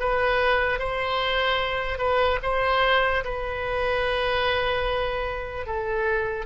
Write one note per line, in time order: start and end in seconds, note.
0.00 0.80 B4
0.80 1.99 C5
1.99 2.39 B4
2.43 3.24 C5
3.24 5.67 B4
5.67 6.46 A4